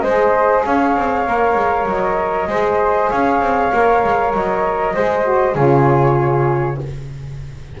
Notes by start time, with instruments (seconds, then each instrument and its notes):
0.00 double bass G#3, flute C5 D#5
0.07 saxophone G#4
0.65 double bass C#4, flute C#5 F5
0.96 double bass C4
1.26 double bass A#3, saxophone A#4
1.55 double bass G#3
1.85 double bass F#3, flute D#5
2.47 double bass G#3, saxophone G#4, flute C5
3.09 double bass C#4, flute C#5 F5
3.40 double bass C4
3.73 double bass A#3, saxophone A#4
4.04 double bass G#3
4.33 double bass F#3, flute D#5
4.94 double bass G#3, saxophone G#4, flute C5
5.22 saxophone F#4
5.54 double bass C#3, saxophone F4, flute G#4 C#5